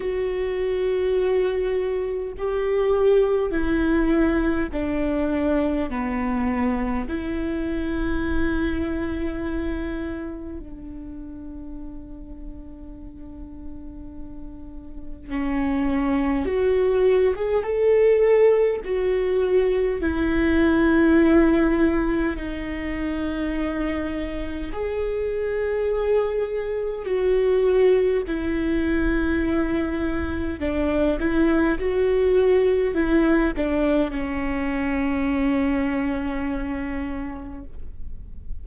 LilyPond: \new Staff \with { instrumentName = "viola" } { \time 4/4 \tempo 4 = 51 fis'2 g'4 e'4 | d'4 b4 e'2~ | e'4 d'2.~ | d'4 cis'4 fis'8. gis'16 a'4 |
fis'4 e'2 dis'4~ | dis'4 gis'2 fis'4 | e'2 d'8 e'8 fis'4 | e'8 d'8 cis'2. | }